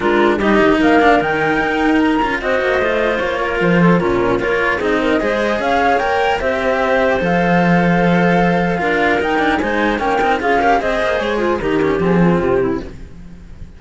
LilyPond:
<<
  \new Staff \with { instrumentName = "flute" } { \time 4/4 \tempo 4 = 150 ais'4 dis''4 f''4 g''4~ | g''4 ais''4 dis''2 | cis''4 c''4 ais'4 cis''4 | dis''2 f''4 g''4 |
e''2 f''2~ | f''2. g''4 | gis''4 g''4 f''4 dis''4 | cis''8 c''8 ais'4 gis'4 g'4 | }
  \new Staff \with { instrumentName = "clarinet" } { \time 4/4 f'4 g'4 ais'2~ | ais'2 c''2~ | c''8 ais'4 a'8 f'4 ais'4 | gis'8 ais'8 c''4 cis''2 |
c''1~ | c''2 ais'2 | c''4 ais'4 gis'8 ais'8 c''4~ | c''8 f'8 g'4. f'4 e'8 | }
  \new Staff \with { instrumentName = "cello" } { \time 4/4 d'4 dis'4. d'8 dis'4~ | dis'4. f'8 fis'4 f'4~ | f'2 cis'4 f'4 | dis'4 gis'2 ais'4 |
g'2 a'2~ | a'2 f'4 dis'8 d'8 | dis'4 cis'8 dis'8 f'8 g'8 gis'4~ | gis'4 dis'8 cis'8 c'2 | }
  \new Staff \with { instrumentName = "cello" } { \time 4/4 gis4 g8 dis8 ais4 dis4 | dis'4. cis'8 c'8 ais8 a4 | ais4 f4 ais,4 ais4 | c'4 gis4 cis'4 ais4 |
c'2 f2~ | f2 d'4 dis'4 | gis4 ais8 c'8 cis'4 c'8 ais8 | gis4 dis4 f4 c4 | }
>>